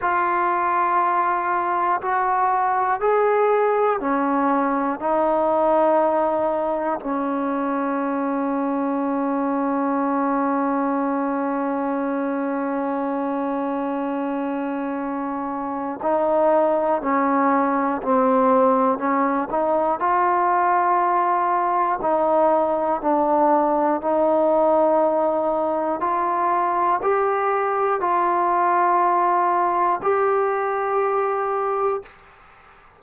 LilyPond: \new Staff \with { instrumentName = "trombone" } { \time 4/4 \tempo 4 = 60 f'2 fis'4 gis'4 | cis'4 dis'2 cis'4~ | cis'1~ | cis'1 |
dis'4 cis'4 c'4 cis'8 dis'8 | f'2 dis'4 d'4 | dis'2 f'4 g'4 | f'2 g'2 | }